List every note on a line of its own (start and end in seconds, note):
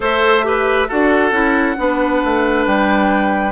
0.00 0.88 A3
0.00 0.43 A4
0.00 0.45 C5
0.00 0.89 E5
0.43 0.87 G4
0.43 0.87 B4
0.87 1.31 D4
0.87 1.32 F#4
0.87 1.76 A4
0.87 2.65 F#5
1.31 1.75 C#4
1.31 1.76 E4
1.77 2.22 B3
1.77 3.51 D4
1.77 3.51 B4
2.24 2.66 A3
2.65 3.51 G3
2.65 3.51 G5